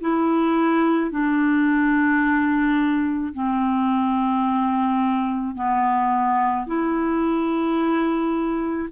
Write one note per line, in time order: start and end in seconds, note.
0.00 1.11 E4
1.11 3.33 D4
3.33 5.55 C4
5.55 6.66 B3
6.66 8.88 E4